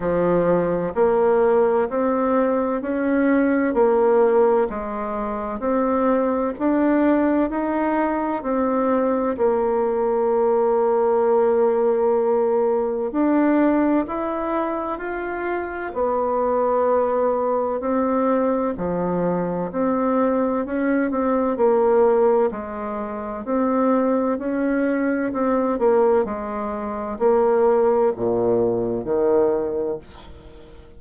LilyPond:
\new Staff \with { instrumentName = "bassoon" } { \time 4/4 \tempo 4 = 64 f4 ais4 c'4 cis'4 | ais4 gis4 c'4 d'4 | dis'4 c'4 ais2~ | ais2 d'4 e'4 |
f'4 b2 c'4 | f4 c'4 cis'8 c'8 ais4 | gis4 c'4 cis'4 c'8 ais8 | gis4 ais4 ais,4 dis4 | }